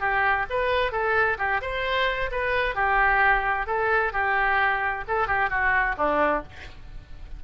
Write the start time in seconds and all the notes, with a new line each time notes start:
0.00 G4
0.50 B4
0.92 A4
1.38 G4
1.62 C5
2.32 B4
2.75 G4
3.67 A4
4.13 G4
5.08 A4
5.27 G4
5.50 F#4
5.97 D4